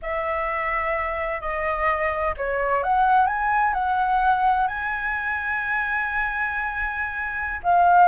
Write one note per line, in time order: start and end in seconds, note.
0.02 1.40 E5
1.40 2.34 D#5
2.37 2.83 C#5
2.83 3.27 F#5
3.27 3.73 G#5
3.73 4.67 F#5
4.67 7.60 G#5
7.63 8.08 F5